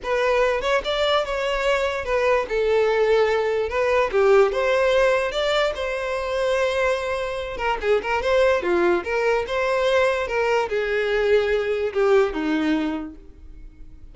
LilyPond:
\new Staff \with { instrumentName = "violin" } { \time 4/4 \tempo 4 = 146 b'4. cis''8 d''4 cis''4~ | cis''4 b'4 a'2~ | a'4 b'4 g'4 c''4~ | c''4 d''4 c''2~ |
c''2~ c''8 ais'8 gis'8 ais'8 | c''4 f'4 ais'4 c''4~ | c''4 ais'4 gis'2~ | gis'4 g'4 dis'2 | }